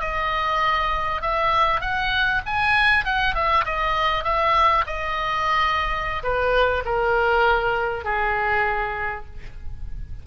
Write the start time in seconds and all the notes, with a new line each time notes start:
0.00 D#5
1.21 E5
1.80 F#5
2.45 G#5
3.04 F#5
3.34 E5
3.65 D#5
4.24 E5
4.86 D#5
6.23 B4
6.85 A#4
8.04 G#4